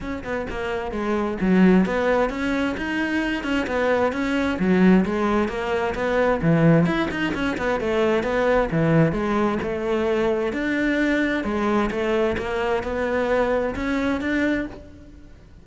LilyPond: \new Staff \with { instrumentName = "cello" } { \time 4/4 \tempo 4 = 131 cis'8 b8 ais4 gis4 fis4 | b4 cis'4 dis'4. cis'8 | b4 cis'4 fis4 gis4 | ais4 b4 e4 e'8 dis'8 |
cis'8 b8 a4 b4 e4 | gis4 a2 d'4~ | d'4 gis4 a4 ais4 | b2 cis'4 d'4 | }